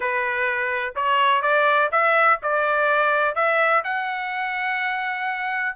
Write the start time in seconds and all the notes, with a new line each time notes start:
0.00 B4
0.95 C#5
1.42 D5
1.91 E5
2.42 D5
3.35 E5
3.84 F#5